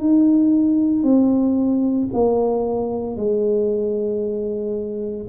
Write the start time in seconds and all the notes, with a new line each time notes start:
0.00 D#4
1.03 C4
2.13 A#3
3.17 G#3